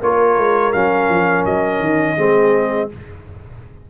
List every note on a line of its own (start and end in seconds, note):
0.00 0.37 A#3
0.00 0.73 F4
0.00 2.16 A#4
0.00 0.72 C#5
0.37 0.73 G#3
0.72 1.08 F#3
0.72 2.17 C#4
0.72 1.44 F5
1.08 1.45 F3
1.45 1.79 F#3
1.45 2.90 D#5
1.79 2.16 D#3
2.16 2.89 G#3
2.16 2.89 C4
2.16 2.88 G#4